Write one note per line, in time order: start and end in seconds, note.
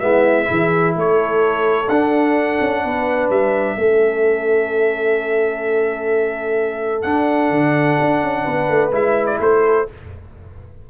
0.00 0.49 G#3
0.00 0.46 B3
0.00 0.49 E4
0.00 0.94 E5
0.46 0.97 E3
0.46 1.86 E4
0.46 0.96 G#4
0.96 1.89 A3
0.96 2.83 A4
0.96 1.89 C#5
1.89 2.60 D4
1.89 3.79 D4
1.89 3.30 F#5
2.61 2.84 C#4
2.83 3.30 B3
2.83 3.77 B4
3.30 3.77 G3
3.30 7.02 E5
3.77 7.05 A3
3.77 7.04 C#4
3.77 8.44 A4
7.02 8.92 D4
7.02 7.51 D4
7.02 8.90 F#5
7.51 7.98 D3
8.01 8.23 D4
8.23 8.47 C#4
8.44 8.69 B3
8.44 9.38 B4
8.69 8.93 A3
8.93 9.40 G#3
8.93 9.86 E4
8.93 9.27 E5
9.27 9.38 D5
9.40 9.87 A3
9.40 9.90 A4
9.40 9.90 C5